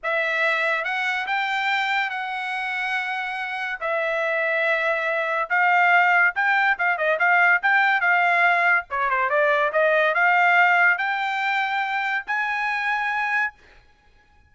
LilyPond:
\new Staff \with { instrumentName = "trumpet" } { \time 4/4 \tempo 4 = 142 e''2 fis''4 g''4~ | g''4 fis''2.~ | fis''4 e''2.~ | e''4 f''2 g''4 |
f''8 dis''8 f''4 g''4 f''4~ | f''4 cis''8 c''8 d''4 dis''4 | f''2 g''2~ | g''4 gis''2. | }